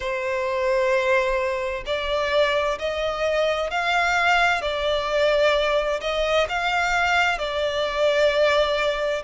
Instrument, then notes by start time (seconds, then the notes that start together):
violin
0.00 C5
1.85 D5
2.78 D#5
3.70 F5
4.62 D5
6.00 D#5
6.48 F5
7.38 D5